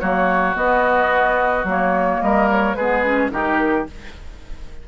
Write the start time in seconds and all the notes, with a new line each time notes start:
0.00 F#3 A#3 F#4 C#5
0.55 B3 D#5
1.64 F#3 A#3
1.71 C#5
2.22 G3 A#4 D#5
2.51 C#5
2.75 G#3 B3 G#4 B4
3.04 C#4
3.31 D#3 D#4 G4 A#4